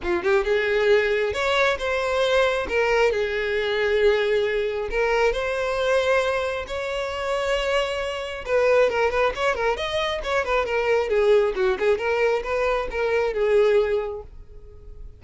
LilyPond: \new Staff \with { instrumentName = "violin" } { \time 4/4 \tempo 4 = 135 f'8 g'8 gis'2 cis''4 | c''2 ais'4 gis'4~ | gis'2. ais'4 | c''2. cis''4~ |
cis''2. b'4 | ais'8 b'8 cis''8 ais'8 dis''4 cis''8 b'8 | ais'4 gis'4 fis'8 gis'8 ais'4 | b'4 ais'4 gis'2 | }